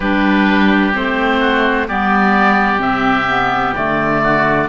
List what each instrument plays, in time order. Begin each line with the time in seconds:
0.00 cello G3, clarinet D4, oboe G4 B4
0.93 cello A3, clarinet C4, oboe C5
1.39 oboe F#4
1.87 cello G3, clarinet B3, oboe G4 D5
2.78 cello C3, clarinet C4, oboe E5
3.28 clarinet B3
3.75 cello D3, clarinet A3, oboe D5
4.23 oboe F#4